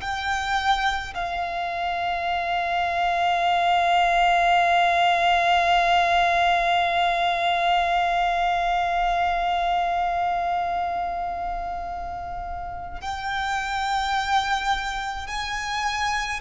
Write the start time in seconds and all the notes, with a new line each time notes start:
0.00 G5
1.14 F5
13.01 G5
15.27 G#5